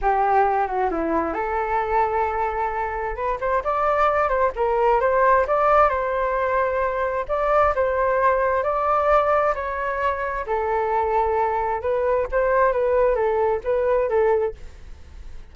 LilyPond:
\new Staff \with { instrumentName = "flute" } { \time 4/4 \tempo 4 = 132 g'4. fis'8 e'4 a'4~ | a'2. b'8 c''8 | d''4. c''8 ais'4 c''4 | d''4 c''2. |
d''4 c''2 d''4~ | d''4 cis''2 a'4~ | a'2 b'4 c''4 | b'4 a'4 b'4 a'4 | }